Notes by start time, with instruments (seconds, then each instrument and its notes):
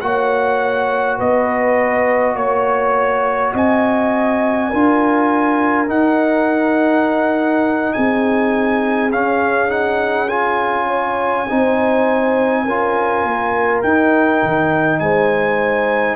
0.00 tuba A#3, trombone F#4, horn C#5, trumpet F#5
1.17 tuba B3, horn B4, trumpet D#5
2.34 tuba A#3, horn C#5, trumpet C#5
3.53 tuba C4, horn D#5, trumpet G#5
4.69 tuba D4, trombone F4, horn A#4
5.87 trombone D#4, tuba D#4, trumpet F#5
7.93 tuba C4, horn G#4, trumpet G#5
9.11 trombone C#4, tuba C#4, trumpet F5
9.68 trombone D#4, trumpet F#5
10.28 trombone F4, trumpet G#5
10.87 horn C#5
11.48 tuba C4, trombone D#4, horn C5
12.64 tuba C#4, trombone F4, horn A#4
13.23 tuba A#3
13.82 tuba D#4, trombone D#4, trumpet G5
14.42 tuba D#3
14.99 tuba G#3, horn C5, trumpet G#5